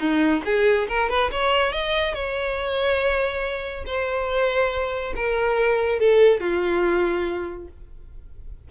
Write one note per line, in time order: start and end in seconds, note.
0.00 0.43 D#4
0.45 0.88 G#4
0.88 1.09 A#4
1.09 1.31 B4
1.32 1.72 C#5
1.72 2.14 D#5
2.14 3.84 C#5
3.86 5.14 C5
5.16 5.99 A#4
5.99 6.40 A4
6.40 7.68 F4